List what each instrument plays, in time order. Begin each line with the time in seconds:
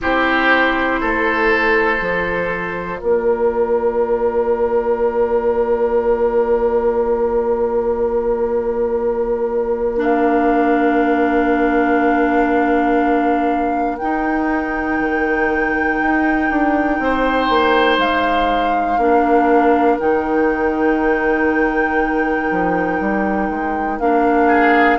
0.01 bassoon C4, clarinet E4, oboe G4, flute C5
1.00 bassoon A3, oboe A4
1.99 bassoon F3, clarinet F4
2.99 bassoon A#3, oboe A#4, flute D5
9.96 clarinet D4, flute F5
13.98 bassoon D#4, clarinet D#4, flute G5
15.00 bassoon D#3
16.01 bassoon D#4
16.50 bassoon D4
16.99 bassoon C4, oboe C5
17.49 bassoon A#3
17.98 bassoon G#3, flute F5
18.97 bassoon A#3, clarinet D4, oboe A#4
19.99 bassoon D#3, clarinet D#4, flute G5
22.50 bassoon F3
23.00 bassoon G3
23.49 bassoon G#3
23.99 bassoon A#3, clarinet D4, flute F5
24.47 oboe G#4